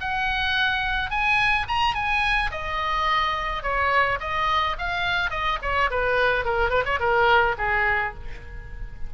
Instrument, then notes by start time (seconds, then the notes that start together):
oboe
0.00 F#5
1.10 G#5
1.68 A#5
1.94 G#5
2.51 D#5
3.63 C#5
4.20 D#5
4.78 F5
5.30 D#5
5.62 C#5
5.90 B4
6.45 A#4
6.70 B4
6.85 C#5
6.99 A#4
7.58 G#4